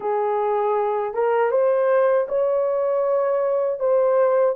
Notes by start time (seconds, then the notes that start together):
0.00 G#4
1.14 A#4
1.51 C5
2.28 C#5
3.79 C5